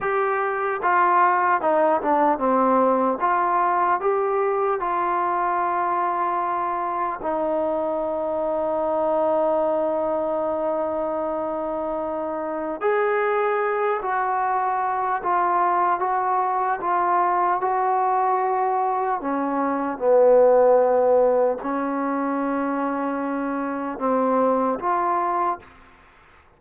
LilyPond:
\new Staff \with { instrumentName = "trombone" } { \time 4/4 \tempo 4 = 75 g'4 f'4 dis'8 d'8 c'4 | f'4 g'4 f'2~ | f'4 dis'2.~ | dis'1 |
gis'4. fis'4. f'4 | fis'4 f'4 fis'2 | cis'4 b2 cis'4~ | cis'2 c'4 f'4 | }